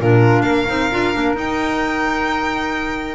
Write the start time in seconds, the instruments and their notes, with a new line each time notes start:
0.00 double bass A#2, clarinet D4, flute F4, violin A#4
0.42 double bass A#3, flute A#4, violin F5
0.67 double bass C4, clarinet D#4
0.91 double bass D4, clarinet F4
1.14 double bass A#3, clarinet D4
1.35 clarinet D#4, double bass D#4, violin G5